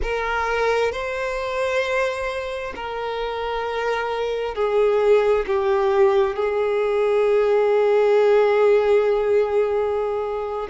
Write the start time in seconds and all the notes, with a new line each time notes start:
0.02 A#4
0.91 C5
2.75 A#4
4.55 G#4
5.46 G4
6.36 G#4